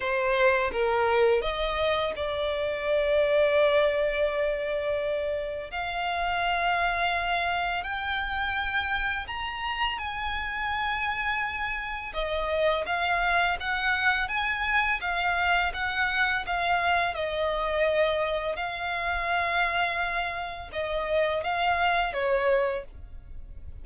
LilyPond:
\new Staff \with { instrumentName = "violin" } { \time 4/4 \tempo 4 = 84 c''4 ais'4 dis''4 d''4~ | d''1 | f''2. g''4~ | g''4 ais''4 gis''2~ |
gis''4 dis''4 f''4 fis''4 | gis''4 f''4 fis''4 f''4 | dis''2 f''2~ | f''4 dis''4 f''4 cis''4 | }